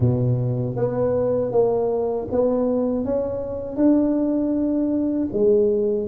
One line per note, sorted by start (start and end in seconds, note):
0.00 0.76 B2
0.76 1.51 B3
1.51 2.27 A#3
2.31 3.04 B3
3.04 3.76 C#4
3.76 5.28 D4
5.32 6.08 G#3